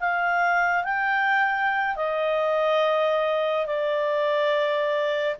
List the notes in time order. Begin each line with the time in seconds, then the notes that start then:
0.00 F5
0.84 G5
1.96 D#5
3.66 D5